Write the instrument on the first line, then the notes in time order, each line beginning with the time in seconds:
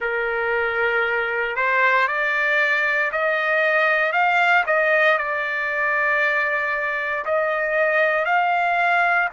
trumpet
0.00 A#4
1.56 C5
2.07 D5
3.11 D#5
4.12 F5
4.66 D#5
5.17 D5
7.25 D#5
8.25 F5